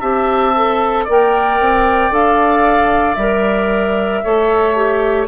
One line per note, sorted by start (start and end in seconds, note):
0.00 1.06 C4
0.00 0.54 G4
0.00 1.04 E5
0.00 1.05 A5
0.55 1.08 A4
1.04 1.60 A#3
1.04 2.11 A#4
1.04 4.20 D5
1.10 2.14 G5
1.60 2.11 C4
2.11 3.16 D4
2.11 3.16 A4
2.11 3.15 F5
3.15 4.21 G3
3.15 4.24 A#4
3.15 5.25 E5
4.23 5.27 A3
4.23 4.75 A4
4.23 5.27 C#5
4.75 5.27 G4